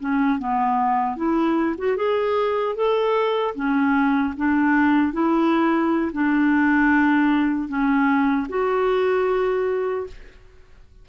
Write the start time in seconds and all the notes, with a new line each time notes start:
0.00 C#4
0.39 B3
1.16 E4
1.78 F#4
1.96 G#4
2.75 A4
3.55 C#4
4.37 D4
5.13 E4
6.13 D4
7.68 C#4
8.49 F#4